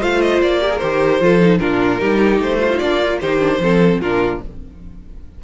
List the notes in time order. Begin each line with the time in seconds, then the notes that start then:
0.00 A3 F4 C5 F5
0.22 D#5
0.42 A#3 D5
0.61 G4 A#4
0.71 G#4
0.79 D#3 G4 C5
1.21 F3 F4 A4
1.41 D#4
1.59 A#2 D4 F4 A#4
1.99 G3 D#4 G4
2.39 A3 C5
2.60 F4
2.71 D#4
2.79 A#3 D4 D5
3.04 F4
3.21 D#3 D#4 G4 C5
3.40 D4
3.59 F3 C4 A4
4.01 A#2 D4 F4 A#4